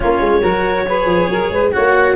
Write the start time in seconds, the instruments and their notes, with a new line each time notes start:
0.00 tuba A#3, cello C#4, saxophone F4, clarinet C#5
0.20 tuba G#3
0.41 tuba F#3, cello F#4, saxophone A#4
0.87 cello G#4, saxophone B4
1.05 tuba F3
1.29 tuba F#3, saxophone A#4
1.50 tuba G#3, saxophone B4
1.72 tuba A#3, cello F#4, saxophone C#5, clarinet F#5